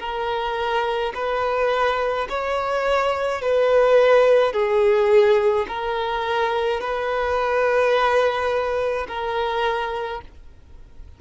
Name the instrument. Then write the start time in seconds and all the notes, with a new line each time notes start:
violin
0.00 A#4
1.15 B4
2.30 C#5
3.42 B4
4.53 G#4
5.68 A#4
6.81 B4
9.09 A#4